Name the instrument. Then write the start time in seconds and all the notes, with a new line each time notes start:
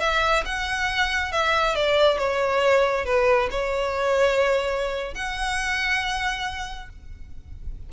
violin
0.00 E5
0.45 F#5
1.32 E5
1.75 D5
2.18 C#5
3.06 B4
3.51 C#5
5.14 F#5